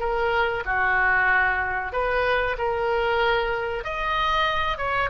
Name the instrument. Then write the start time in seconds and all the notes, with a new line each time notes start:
oboe
0.00 A#4
0.66 F#4
1.93 B4
2.58 A#4
3.84 D#5
4.78 C#5